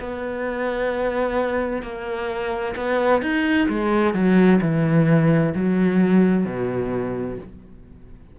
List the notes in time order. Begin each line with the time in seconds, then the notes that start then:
0.00 B3
1.83 A#3
2.76 B3
3.22 D#4
3.69 G#3
4.14 F#3
4.62 E3
5.55 F#3
6.46 B2